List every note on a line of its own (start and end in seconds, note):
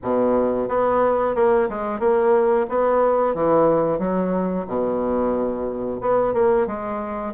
0.02 0.68 B2
0.68 1.35 B3
1.35 1.68 A#3
1.68 1.99 G#3
1.99 2.66 A#3
2.68 3.34 B3
3.34 3.98 E3
3.98 4.65 F#3
4.67 6.00 B2
6.01 6.33 B3
6.33 6.67 A#3
6.67 7.33 G#3